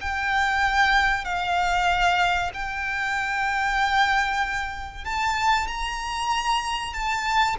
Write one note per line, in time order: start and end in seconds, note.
0.00 1.24 G5
1.24 2.50 F5
2.53 5.04 G5
5.04 5.67 A5
5.67 6.93 A#5
6.93 7.56 A5